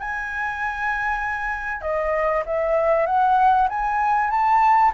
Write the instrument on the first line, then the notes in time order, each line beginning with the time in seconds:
flute
0.00 G#5
1.82 D#5
2.46 E5
3.06 F#5
3.69 G#5
4.30 A5